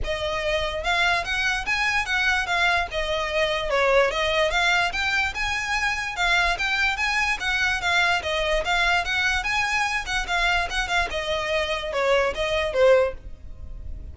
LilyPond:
\new Staff \with { instrumentName = "violin" } { \time 4/4 \tempo 4 = 146 dis''2 f''4 fis''4 | gis''4 fis''4 f''4 dis''4~ | dis''4 cis''4 dis''4 f''4 | g''4 gis''2 f''4 |
g''4 gis''4 fis''4 f''4 | dis''4 f''4 fis''4 gis''4~ | gis''8 fis''8 f''4 fis''8 f''8 dis''4~ | dis''4 cis''4 dis''4 c''4 | }